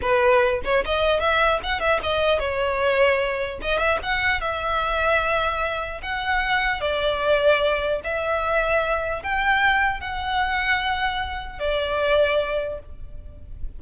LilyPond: \new Staff \with { instrumentName = "violin" } { \time 4/4 \tempo 4 = 150 b'4. cis''8 dis''4 e''4 | fis''8 e''8 dis''4 cis''2~ | cis''4 dis''8 e''8 fis''4 e''4~ | e''2. fis''4~ |
fis''4 d''2. | e''2. g''4~ | g''4 fis''2.~ | fis''4 d''2. | }